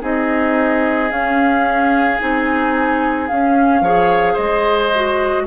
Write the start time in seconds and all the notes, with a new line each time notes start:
0.00 C4 D#4 G#4 D#5
1.10 C#4 F5
2.19 C4 D#4 G#5
3.27 C#4 F5
3.81 F3 G#4 C#5
4.33 G#3 C5 D#5
4.94 F#4